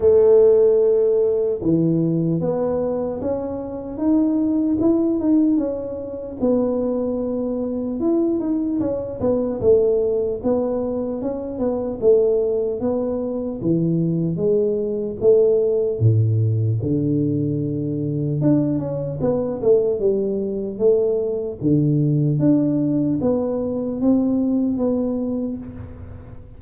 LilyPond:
\new Staff \with { instrumentName = "tuba" } { \time 4/4 \tempo 4 = 75 a2 e4 b4 | cis'4 dis'4 e'8 dis'8 cis'4 | b2 e'8 dis'8 cis'8 b8 | a4 b4 cis'8 b8 a4 |
b4 e4 gis4 a4 | a,4 d2 d'8 cis'8 | b8 a8 g4 a4 d4 | d'4 b4 c'4 b4 | }